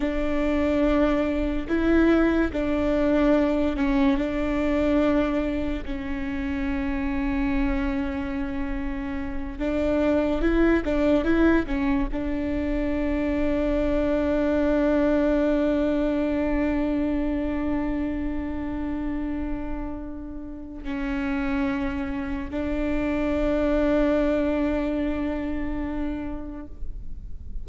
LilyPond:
\new Staff \with { instrumentName = "viola" } { \time 4/4 \tempo 4 = 72 d'2 e'4 d'4~ | d'8 cis'8 d'2 cis'4~ | cis'2.~ cis'8 d'8~ | d'8 e'8 d'8 e'8 cis'8 d'4.~ |
d'1~ | d'1~ | d'4 cis'2 d'4~ | d'1 | }